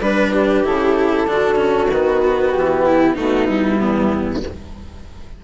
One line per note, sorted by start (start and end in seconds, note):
0.00 0.63 G3
0.00 0.65 D4
0.00 0.32 B4
0.00 0.66 B4
0.32 1.27 G4
0.65 1.26 C#3
0.65 1.28 E4
0.65 1.92 A4
1.26 1.89 D3
1.26 1.56 D4
1.26 2.86 F#4
1.56 1.87 C#4
1.91 2.54 D#3
1.91 3.17 B3
1.91 2.51 B4
2.51 3.17 E3
2.51 3.15 G4
2.86 3.15 E4
3.15 3.80 B2
3.15 3.48 A3
3.15 3.78 D#4
3.15 3.46 F#4
3.46 4.43 G3
3.46 4.41 E4
3.79 4.44 E2
3.79 4.42 B3